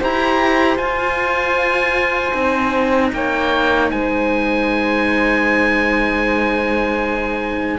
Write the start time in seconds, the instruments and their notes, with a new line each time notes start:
0.00 cello E4 G4, flute C5, oboe A#5
0.76 cello F4, oboe G#5
2.33 cello C4 D#4
3.13 cello A#3, flute C#5, oboe G5
3.91 cello G#3, flute C5, oboe G#5